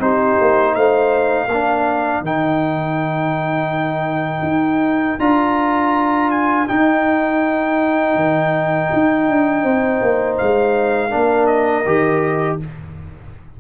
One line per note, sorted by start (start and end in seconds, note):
0.00 0.37 C4
0.00 1.49 D#4
0.00 0.76 G4
0.00 0.75 C5
0.41 0.76 A#3
0.75 1.48 A3
0.75 1.47 C5
0.75 2.23 F5
1.47 2.22 A#3
1.47 9.62 A#4
1.53 2.25 D4
2.22 4.43 D#3
2.22 5.20 D#4
2.22 5.20 G5
4.43 5.17 D#4
5.20 6.68 D4
5.20 6.68 F4
5.20 6.31 A#5
6.31 6.68 G#5
6.68 11.10 D#4
6.68 8.16 D#4
6.68 10.38 G5
8.16 8.90 D#3
8.93 9.29 D#4
9.29 9.65 D4
9.63 10.02 C4
9.63 11.11 C5
10.02 10.39 A#3
10.38 11.14 G#3
10.38 11.47 F5
11.10 11.86 A#3
11.10 11.84 D4
11.10 12.59 A#4
11.47 12.58 D#5
11.86 12.60 D#3
11.86 12.60 G4